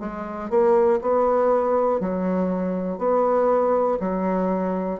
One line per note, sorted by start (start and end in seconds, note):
0.00 0.50 G#3
0.50 1.00 A#3
1.02 2.00 B3
2.00 2.98 F#3
2.98 3.98 B3
4.00 5.00 F#3